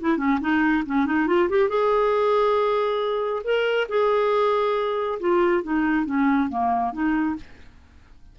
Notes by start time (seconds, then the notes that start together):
0.00 E4
0.17 C#4
0.40 D#4
0.86 C#4
1.06 D#4
1.27 F4
1.49 G4
1.69 G#4
3.44 A#4
3.89 G#4
5.20 F4
5.63 D#4
6.05 C#4
6.49 A#3
6.92 D#4